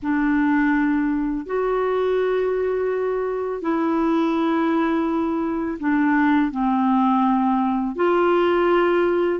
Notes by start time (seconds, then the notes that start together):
0.02 D4
1.46 F#4
3.61 E4
5.79 D4
6.51 C4
7.95 F4